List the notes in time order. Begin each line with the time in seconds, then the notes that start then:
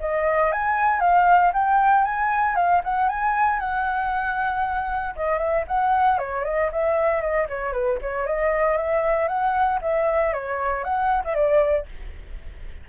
0.00 D#5
0.52 G#5
1.00 F5
1.53 G5
2.04 G#5
2.55 F5
2.84 F#5
3.08 G#5
3.59 F#5
5.15 D#5
5.38 E5
5.67 F#5
6.18 C#5
6.44 D#5
6.71 E5
7.21 D#5
7.48 C#5
7.72 B4
8.01 C#5
8.26 D#5
8.77 E5
9.28 F#5
9.81 E5
10.33 C#5
10.84 F#5
11.24 E5
11.34 D5